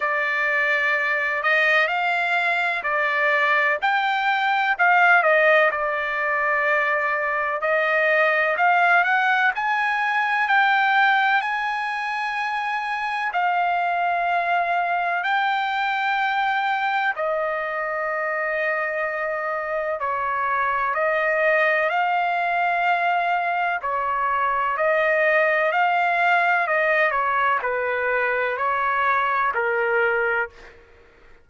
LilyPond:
\new Staff \with { instrumentName = "trumpet" } { \time 4/4 \tempo 4 = 63 d''4. dis''8 f''4 d''4 | g''4 f''8 dis''8 d''2 | dis''4 f''8 fis''8 gis''4 g''4 | gis''2 f''2 |
g''2 dis''2~ | dis''4 cis''4 dis''4 f''4~ | f''4 cis''4 dis''4 f''4 | dis''8 cis''8 b'4 cis''4 ais'4 | }